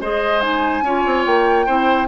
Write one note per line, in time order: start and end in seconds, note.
0.00 0.82 G#3
0.00 0.41 G#4
0.00 0.84 C5
0.00 0.40 D#5
0.40 0.83 D#4
0.40 1.24 G#5
0.82 1.03 C#4
0.82 1.66 F4
0.82 1.66 C#5
1.06 1.26 C4
1.26 1.67 A#3
1.26 2.07 G5
1.66 2.07 C4
1.66 2.07 E4
1.66 2.07 C5